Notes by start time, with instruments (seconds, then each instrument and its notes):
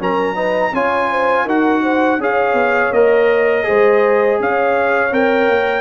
0.00 tuba F#3, trombone C#4, horn A#4, trumpet A#5
0.36 trombone D#4, horn B4
0.73 tuba C#4, trombone F4, horn C#5, trumpet G#5
1.11 horn C5
1.45 tuba D#4, trombone F#4, horn A#4, trumpet F#5
1.83 horn C5
2.19 tuba C#4, trombone G#4, horn C#5, trumpet F5
2.54 tuba B3
2.92 tuba A#3, trombone A#4, trumpet D#5
3.64 trombone G#4, horn C5
3.70 tuba G#3
4.40 tuba C#4, horn C#5, trumpet F5
5.12 tuba C4, trombone A#4, trumpet G5
5.49 tuba A#3